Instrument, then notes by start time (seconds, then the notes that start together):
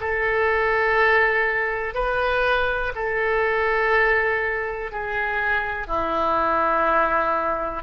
oboe
0.00 A4
1.94 B4
2.95 A4
4.91 G#4
5.87 E4